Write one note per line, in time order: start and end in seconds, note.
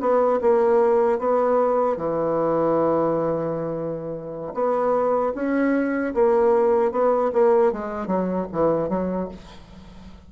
0.00 0.39 B3
0.41 1.18 A#3
1.18 1.96 B3
1.96 4.53 E3
4.54 5.33 B3
5.34 6.13 C#4
6.14 6.92 A#3
6.92 7.31 B3
7.32 7.72 A#3
7.72 8.06 G#3
8.06 8.46 F#3
8.52 8.89 E3
8.89 9.28 F#3